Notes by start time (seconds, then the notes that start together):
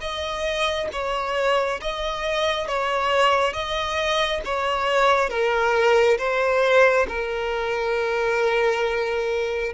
0.00 D#5
0.92 C#5
1.81 D#5
2.67 C#5
3.53 D#5
4.45 C#5
5.29 A#4
6.18 C5
7.08 A#4